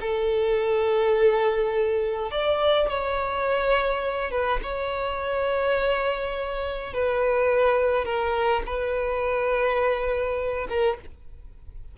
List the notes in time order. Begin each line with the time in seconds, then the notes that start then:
0.00 A4
2.31 D5
2.88 C#5
4.31 B4
4.62 C#5
6.93 B4
8.05 A#4
8.65 B4
10.68 A#4